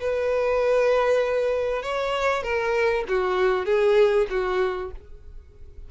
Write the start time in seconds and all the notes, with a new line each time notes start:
0.00 B4
1.83 C#5
2.43 A#4
3.08 F#4
3.66 G#4
4.30 F#4